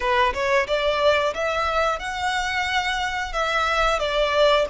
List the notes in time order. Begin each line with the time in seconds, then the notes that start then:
0.00 B4
0.33 C#5
0.67 D5
1.33 E5
1.99 F#5
3.32 E5
3.98 D5